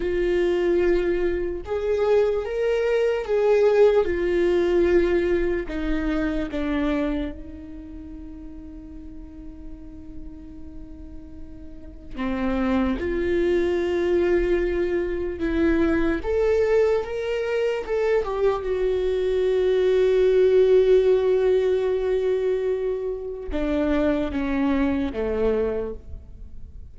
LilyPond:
\new Staff \with { instrumentName = "viola" } { \time 4/4 \tempo 4 = 74 f'2 gis'4 ais'4 | gis'4 f'2 dis'4 | d'4 dis'2.~ | dis'2. c'4 |
f'2. e'4 | a'4 ais'4 a'8 g'8 fis'4~ | fis'1~ | fis'4 d'4 cis'4 a4 | }